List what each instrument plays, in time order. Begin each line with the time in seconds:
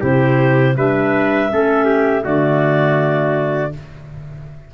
0.00 tuba C3, clarinet E4 C5, trumpet G4
0.76 tuba G3, clarinet D4 E5, trumpet B4
1.50 tuba A3, clarinet C#4, trumpet A4
1.85 trumpet G4
2.22 tuba D3, clarinet A3 D5, trumpet F#4